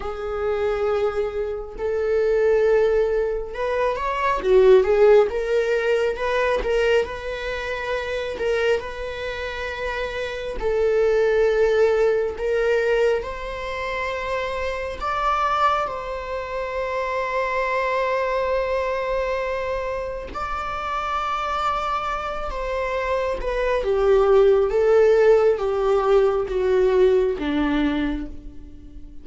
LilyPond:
\new Staff \with { instrumentName = "viola" } { \time 4/4 \tempo 4 = 68 gis'2 a'2 | b'8 cis''8 fis'8 gis'8 ais'4 b'8 ais'8 | b'4. ais'8 b'2 | a'2 ais'4 c''4~ |
c''4 d''4 c''2~ | c''2. d''4~ | d''4. c''4 b'8 g'4 | a'4 g'4 fis'4 d'4 | }